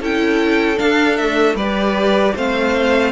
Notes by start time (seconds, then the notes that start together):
0.00 C#4 E4 A4 G5
0.75 D4 F5
1.16 A3 E5
1.54 G3 G4 B4 D5
2.35 A3 C4 C5 F5